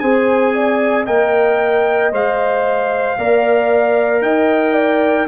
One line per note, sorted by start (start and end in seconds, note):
0.00 1.08 C4
0.00 1.08 G#4
0.00 0.54 C5
0.00 1.05 G#5
0.55 1.05 D5
1.05 2.12 A#3
1.05 2.12 A#4
1.05 3.16 D#5
1.05 2.12 G5
2.12 3.18 G#3
2.12 3.18 C5
2.12 4.23 F5
3.18 4.22 A#3
3.18 5.29 A#4
3.18 4.24 D5
4.22 5.27 D#4
4.22 4.74 D#5
4.22 5.28 G5
4.74 5.26 D5